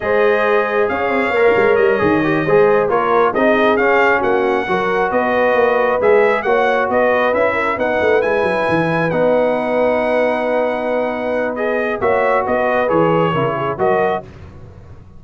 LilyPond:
<<
  \new Staff \with { instrumentName = "trumpet" } { \time 4/4 \tempo 4 = 135 dis''2 f''2 | dis''2~ dis''8 cis''4 dis''8~ | dis''8 f''4 fis''2 dis''8~ | dis''4. e''4 fis''4 dis''8~ |
dis''8 e''4 fis''4 gis''4.~ | gis''8 fis''2.~ fis''8~ | fis''2 dis''4 e''4 | dis''4 cis''2 dis''4 | }
  \new Staff \with { instrumentName = "horn" } { \time 4/4 c''2 cis''2~ | cis''4. c''4 ais'4 gis'8~ | gis'4. fis'4 ais'4 b'8~ | b'2~ b'8 cis''4 b'8~ |
b'4 ais'8 b'2~ b'8~ | b'1~ | b'2. cis''4 | b'2 ais'8 gis'8 ais'4 | }
  \new Staff \with { instrumentName = "trombone" } { \time 4/4 gis'2. ais'4~ | ais'8 gis'8 g'8 gis'4 f'4 dis'8~ | dis'8 cis'2 fis'4.~ | fis'4. gis'4 fis'4.~ |
fis'8 e'4 dis'4 e'4.~ | e'8 dis'2.~ dis'8~ | dis'2 gis'4 fis'4~ | fis'4 gis'4 e'4 fis'4 | }
  \new Staff \with { instrumentName = "tuba" } { \time 4/4 gis2 cis'8 c'8 ais8 gis8 | g8 dis4 gis4 ais4 c'8~ | c'8 cis'4 ais4 fis4 b8~ | b8 ais4 gis4 ais4 b8~ |
b8 cis'4 b8 a8 gis8 fis8 e8~ | e8 b2.~ b8~ | b2. ais4 | b4 e4 cis4 fis4 | }
>>